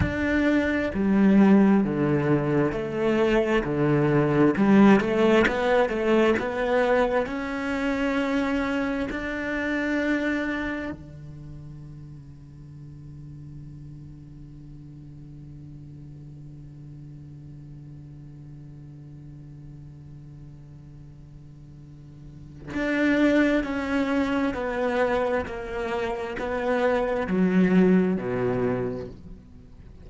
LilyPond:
\new Staff \with { instrumentName = "cello" } { \time 4/4 \tempo 4 = 66 d'4 g4 d4 a4 | d4 g8 a8 b8 a8 b4 | cis'2 d'2 | d1~ |
d1~ | d1~ | d4 d'4 cis'4 b4 | ais4 b4 fis4 b,4 | }